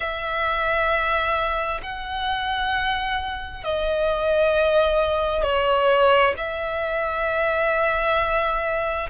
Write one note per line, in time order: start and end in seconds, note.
0.00 1.81 E5
1.82 3.64 F#5
3.64 5.43 D#5
5.43 6.33 C#5
6.37 9.10 E5